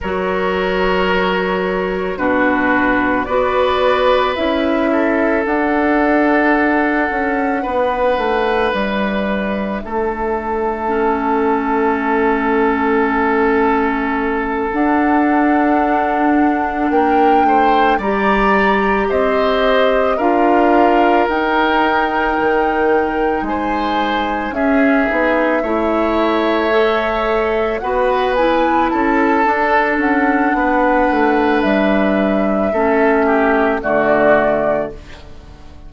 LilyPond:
<<
  \new Staff \with { instrumentName = "flute" } { \time 4/4 \tempo 4 = 55 cis''2 b'4 d''4 | e''4 fis''2. | e''1~ | e''4. fis''2 g''8~ |
g''8 ais''4 dis''4 f''4 g''8~ | g''4. gis''4 e''4.~ | e''4. fis''8 gis''8 a''4 fis''8~ | fis''4 e''2 d''4 | }
  \new Staff \with { instrumentName = "oboe" } { \time 4/4 ais'2 fis'4 b'4~ | b'8 a'2~ a'8 b'4~ | b'4 a'2.~ | a'2.~ a'8 ais'8 |
c''8 d''4 c''4 ais'4.~ | ais'4. c''4 gis'4 cis''8~ | cis''4. b'4 a'4. | b'2 a'8 g'8 fis'4 | }
  \new Staff \with { instrumentName = "clarinet" } { \time 4/4 fis'2 d'4 fis'4 | e'4 d'2.~ | d'2 cis'2~ | cis'4. d'2~ d'8~ |
d'8 g'2 f'4 dis'8~ | dis'2~ dis'8 cis'8 dis'8 e'8~ | e'8 a'4 fis'8 e'4 d'4~ | d'2 cis'4 a4 | }
  \new Staff \with { instrumentName = "bassoon" } { \time 4/4 fis2 b,4 b4 | cis'4 d'4. cis'8 b8 a8 | g4 a2.~ | a4. d'2 ais8 |
a8 g4 c'4 d'4 dis'8~ | dis'8 dis4 gis4 cis'8 b8 a8~ | a4. b4 cis'8 d'8 cis'8 | b8 a8 g4 a4 d4 | }
>>